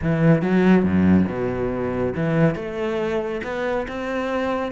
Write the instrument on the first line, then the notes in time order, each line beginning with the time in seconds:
cello
0.01 E3
0.42 F#3
0.83 F#2
1.28 B2
2.15 E3
2.55 A3
3.43 B3
3.88 C4